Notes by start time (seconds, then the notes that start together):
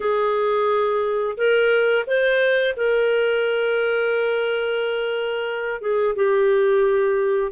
0.00 G#4
1.37 A#4
2.06 C5
2.76 A#4
5.81 G#4
6.15 G4